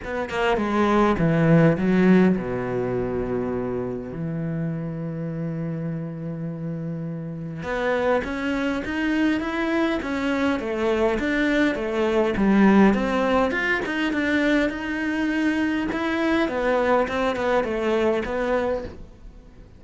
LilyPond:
\new Staff \with { instrumentName = "cello" } { \time 4/4 \tempo 4 = 102 b8 ais8 gis4 e4 fis4 | b,2. e4~ | e1~ | e4 b4 cis'4 dis'4 |
e'4 cis'4 a4 d'4 | a4 g4 c'4 f'8 dis'8 | d'4 dis'2 e'4 | b4 c'8 b8 a4 b4 | }